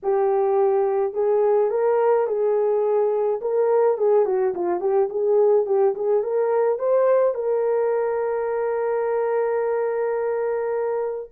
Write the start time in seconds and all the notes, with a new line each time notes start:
0.02 G4
1.13 G#4
1.70 A#4
2.27 G#4
3.41 A#4
3.97 G#4
4.25 F#4
4.54 F4
4.80 G4
5.09 G#4
5.66 G4
5.94 G#4
6.23 A#4
6.78 C5
7.34 A#4